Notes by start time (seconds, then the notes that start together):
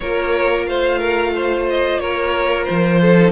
0.00 A#3 F4 A#4 C#5
0.66 A3 C5 F5
0.98 A#4
1.35 C5
1.69 D#5
1.99 A#3 A#4 C#5
2.64 F3 C5
3.01 A4
3.17 D#4